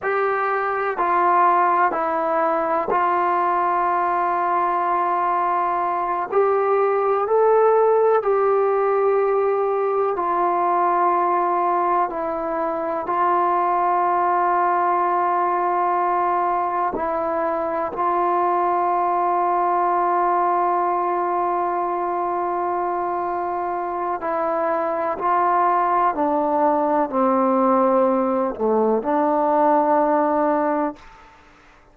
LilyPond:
\new Staff \with { instrumentName = "trombone" } { \time 4/4 \tempo 4 = 62 g'4 f'4 e'4 f'4~ | f'2~ f'8 g'4 a'8~ | a'8 g'2 f'4.~ | f'8 e'4 f'2~ f'8~ |
f'4. e'4 f'4.~ | f'1~ | f'4 e'4 f'4 d'4 | c'4. a8 d'2 | }